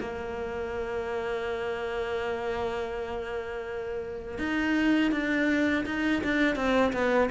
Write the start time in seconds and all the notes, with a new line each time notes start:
0.00 A#3
4.38 D#4
5.12 D4
5.86 D#4
6.23 D4
6.56 C4
6.93 B3